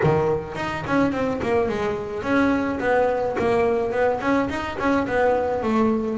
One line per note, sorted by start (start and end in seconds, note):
0.03 0.55 D#3
0.55 0.83 D#4
0.86 1.12 C#4
1.12 1.40 C4
1.42 1.68 A#3
1.68 2.23 G#3
2.23 2.79 C#4
2.80 3.36 B3
3.38 3.91 A#3
3.91 4.19 B3
4.21 4.49 C#4
4.49 4.77 D#4
4.78 5.06 C#4
5.07 5.62 B3
5.62 6.17 A3